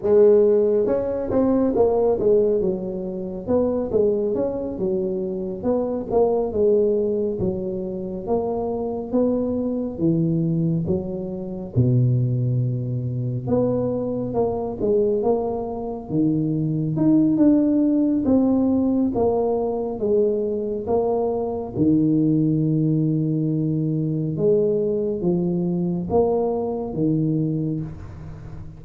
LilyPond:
\new Staff \with { instrumentName = "tuba" } { \time 4/4 \tempo 4 = 69 gis4 cis'8 c'8 ais8 gis8 fis4 | b8 gis8 cis'8 fis4 b8 ais8 gis8~ | gis8 fis4 ais4 b4 e8~ | e8 fis4 b,2 b8~ |
b8 ais8 gis8 ais4 dis4 dis'8 | d'4 c'4 ais4 gis4 | ais4 dis2. | gis4 f4 ais4 dis4 | }